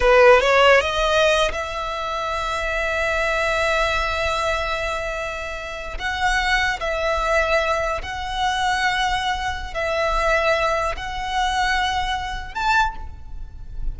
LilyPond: \new Staff \with { instrumentName = "violin" } { \time 4/4 \tempo 4 = 148 b'4 cis''4 dis''4.~ dis''16 e''16~ | e''1~ | e''1~ | e''2~ e''8. fis''4~ fis''16~ |
fis''8. e''2. fis''16~ | fis''1 | e''2. fis''4~ | fis''2. a''4 | }